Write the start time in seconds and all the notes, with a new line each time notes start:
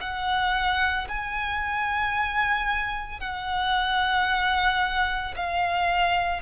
0.00 F#5
1.08 G#5
3.19 F#5
5.36 F5